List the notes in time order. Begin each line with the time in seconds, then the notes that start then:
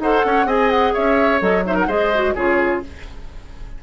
0.00 D#4 A4 C5 F#5
0.26 C#4 C#5
0.46 C4 G#4 D#5 G#5
0.71 F#5
0.94 C#4 C#5 E5
1.40 F#3 A4 D#5
1.66 D#4 C5 E5
1.75 A#4 F#5
1.88 G#3 G#4 C5 D#5
2.15 F#4
2.35 C#3 F4 G#4 C#5